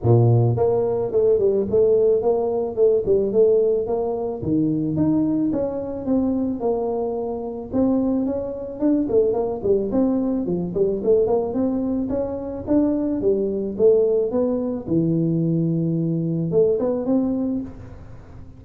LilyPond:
\new Staff \with { instrumentName = "tuba" } { \time 4/4 \tempo 4 = 109 ais,4 ais4 a8 g8 a4 | ais4 a8 g8 a4 ais4 | dis4 dis'4 cis'4 c'4 | ais2 c'4 cis'4 |
d'8 a8 ais8 g8 c'4 f8 g8 | a8 ais8 c'4 cis'4 d'4 | g4 a4 b4 e4~ | e2 a8 b8 c'4 | }